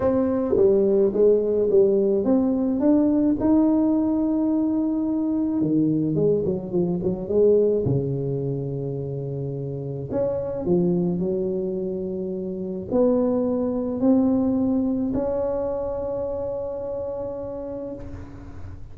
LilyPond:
\new Staff \with { instrumentName = "tuba" } { \time 4/4 \tempo 4 = 107 c'4 g4 gis4 g4 | c'4 d'4 dis'2~ | dis'2 dis4 gis8 fis8 | f8 fis8 gis4 cis2~ |
cis2 cis'4 f4 | fis2. b4~ | b4 c'2 cis'4~ | cis'1 | }